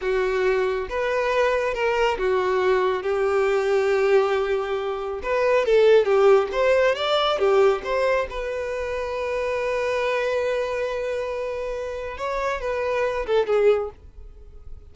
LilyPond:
\new Staff \with { instrumentName = "violin" } { \time 4/4 \tempo 4 = 138 fis'2 b'2 | ais'4 fis'2 g'4~ | g'1 | b'4 a'4 g'4 c''4 |
d''4 g'4 c''4 b'4~ | b'1~ | b'1 | cis''4 b'4. a'8 gis'4 | }